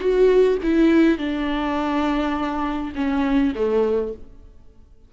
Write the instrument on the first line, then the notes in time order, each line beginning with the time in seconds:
viola
0.00 F#4
0.63 E4
1.18 D4
2.95 C#4
3.55 A3